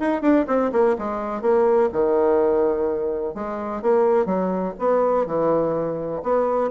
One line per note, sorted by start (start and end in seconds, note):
0.00 0.22 D#4
0.22 0.46 D4
0.48 0.72 C4
0.72 0.96 A#3
0.99 1.42 G#3
1.42 1.90 A#3
1.93 3.35 D#3
3.35 3.82 G#3
3.82 4.26 A#3
4.26 4.74 F#3
4.79 5.27 B3
5.27 6.23 E3
6.23 6.71 B3